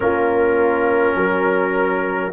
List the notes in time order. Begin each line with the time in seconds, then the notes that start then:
0.00 A#3 C#4 F4 A#4
1.15 F#3 A#4